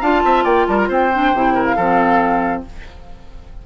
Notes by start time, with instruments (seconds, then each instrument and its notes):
0.00 bassoon D4, clarinet F4, oboe F5, flute A5
0.24 bassoon C4, oboe E5
0.44 bassoon A#3, oboe D5, flute G5
0.67 bassoon G3, oboe A#4, flute A5
0.78 flute A#5
0.88 bassoon C4, oboe C5, flute G5
1.13 clarinet D4
1.33 bassoon C3, clarinet E4
1.54 oboe A#4
1.64 flute F5
1.75 bassoon F3, clarinet C4, oboe A4